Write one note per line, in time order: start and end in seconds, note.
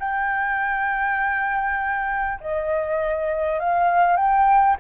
0.00 2.40 G5
2.41 3.60 D#5
3.60 4.17 F5
4.17 4.77 G5